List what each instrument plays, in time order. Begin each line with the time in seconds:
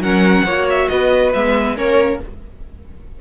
0.00 cello F#3, viola C#4, violin A#4 F#5
0.45 cello A#3, viola F#4, violin C#5
0.70 violin E5
0.89 cello B3, violin B4 D#5
1.34 cello G#3, viola B3, violin E5
1.77 cello A#3, viola C#4, violin A#4 C#5